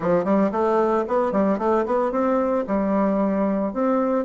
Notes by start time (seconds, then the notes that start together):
0.00 F3
0.24 G3
0.51 A3
1.07 B3
1.31 G3
1.58 A3
1.85 B3
2.11 C4
2.67 G3
3.73 C4